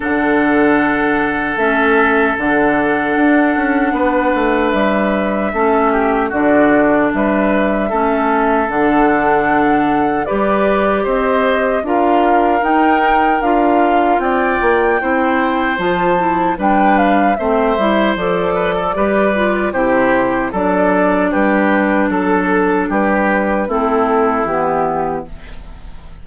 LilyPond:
<<
  \new Staff \with { instrumentName = "flute" } { \time 4/4 \tempo 4 = 76 fis''2 e''4 fis''4~ | fis''2 e''2 | d''4 e''2 fis''4~ | fis''4 d''4 dis''4 f''4 |
g''4 f''4 g''2 | a''4 g''8 f''8 e''4 d''4~ | d''4 c''4 d''4 b'4 | a'4 b'4 a'4 g'4 | }
  \new Staff \with { instrumentName = "oboe" } { \time 4/4 a'1~ | a'4 b'2 a'8 g'8 | fis'4 b'4 a'2~ | a'4 b'4 c''4 ais'4~ |
ais'2 d''4 c''4~ | c''4 b'4 c''4. b'16 a'16 | b'4 g'4 a'4 g'4 | a'4 g'4 e'2 | }
  \new Staff \with { instrumentName = "clarinet" } { \time 4/4 d'2 cis'4 d'4~ | d'2. cis'4 | d'2 cis'4 d'4~ | d'4 g'2 f'4 |
dis'4 f'2 e'4 | f'8 e'8 d'4 c'8 e'8 a'4 | g'8 f'8 e'4 d'2~ | d'2 c'4 b4 | }
  \new Staff \with { instrumentName = "bassoon" } { \time 4/4 d2 a4 d4 | d'8 cis'8 b8 a8 g4 a4 | d4 g4 a4 d4~ | d4 g4 c'4 d'4 |
dis'4 d'4 c'8 ais8 c'4 | f4 g4 a8 g8 f4 | g4 c4 fis4 g4 | fis4 g4 a4 e4 | }
>>